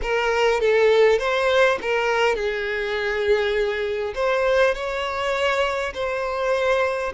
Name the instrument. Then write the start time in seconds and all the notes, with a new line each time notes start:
violin
0.01 A#4
0.60 A4
1.19 C5
1.81 A#4
2.35 G#4
4.14 C5
4.74 C#5
5.94 C5